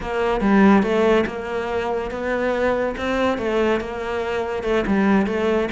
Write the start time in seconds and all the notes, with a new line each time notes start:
0.01 A#3
0.40 G3
0.82 A3
1.26 A#3
2.10 B3
2.97 C4
3.38 A3
3.80 A#3
4.63 A3
4.86 G3
5.26 A3